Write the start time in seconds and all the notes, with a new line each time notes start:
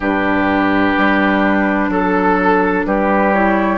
0.00 G2 D4 G4 B4
0.97 G3
1.89 F#3 A4
2.85 G3 G4 B4
3.33 E4 C#5